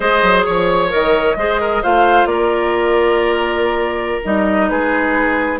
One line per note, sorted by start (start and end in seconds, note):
0.00 0.22 G#3
0.00 0.89 G#4
0.00 0.45 C5
0.00 0.42 D#5
0.22 0.45 F#3
0.45 0.94 F3
0.45 0.90 C#5
0.45 1.37 C#5
0.89 1.35 D#3
0.89 1.35 A#4
0.89 1.83 D#5
1.35 1.81 G#3
1.35 1.82 G#4
1.35 1.61 C5
1.61 1.82 A#4
1.82 2.25 A3
1.82 4.23 F4
1.82 2.28 C5
1.82 2.26 F5
2.25 4.20 A#3
2.25 4.69 A#4
2.25 4.21 D5
4.24 4.70 G3
4.24 5.59 D#4
4.24 4.68 D#5
4.68 5.59 G#3
4.68 5.59 G#4
4.68 5.59 B4